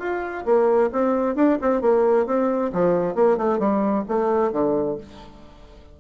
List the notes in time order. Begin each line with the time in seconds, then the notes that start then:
0.00 F4
0.46 A#3
0.93 C4
1.36 D4
1.62 C4
1.82 A#3
2.27 C4
2.73 F3
3.15 A#3
3.38 A3
3.60 G3
4.09 A3
4.53 D3